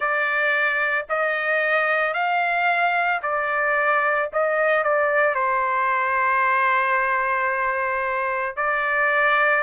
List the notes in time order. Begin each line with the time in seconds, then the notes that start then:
0.00 D5
1.09 D#5
2.13 F5
3.22 D5
4.32 D#5
4.83 D5
5.34 C5
8.56 D5